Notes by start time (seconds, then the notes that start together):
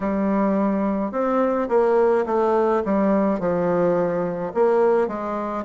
0.00 G3
1.11 C4
1.68 A#3
2.26 A3
2.85 G3
3.39 F3
4.53 A#3
5.07 G#3